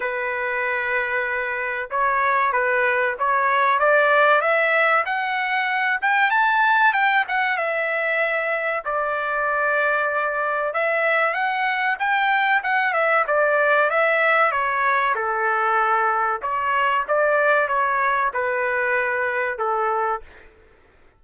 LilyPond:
\new Staff \with { instrumentName = "trumpet" } { \time 4/4 \tempo 4 = 95 b'2. cis''4 | b'4 cis''4 d''4 e''4 | fis''4. g''8 a''4 g''8 fis''8 | e''2 d''2~ |
d''4 e''4 fis''4 g''4 | fis''8 e''8 d''4 e''4 cis''4 | a'2 cis''4 d''4 | cis''4 b'2 a'4 | }